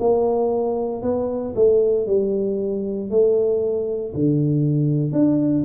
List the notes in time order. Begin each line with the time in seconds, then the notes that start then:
0.00 A#3
1.03 B3
1.56 A3
2.07 G3
3.10 A3
4.15 D3
5.13 D4